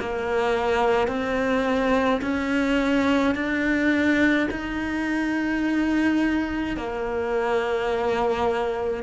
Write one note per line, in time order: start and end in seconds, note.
0.00 1.08 A#3
1.08 2.21 C4
2.22 3.35 C#4
3.35 4.48 D4
4.51 6.77 D#4
6.77 9.04 A#3